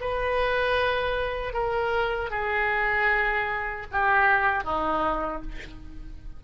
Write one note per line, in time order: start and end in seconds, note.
0.00 1.53 B4
1.53 2.30 A#4
2.30 3.86 G#4
3.92 4.64 G4
4.64 5.42 D#4